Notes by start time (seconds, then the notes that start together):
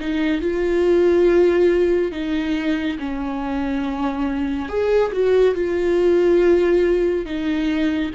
0.00 D#4
0.41 F4
2.12 D#4
2.99 C#4
4.69 G#4
5.12 F#4
5.55 F4
7.25 D#4